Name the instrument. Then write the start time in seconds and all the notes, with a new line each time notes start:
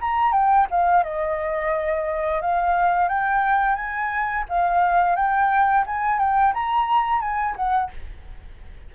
flute
0.00 A#5
0.32 G5
0.70 F5
1.03 D#5
2.41 F5
3.08 G5
3.75 G#5
4.49 F5
5.15 G5
5.86 G#5
6.18 G5
6.53 A#5
7.20 G#5
7.56 F#5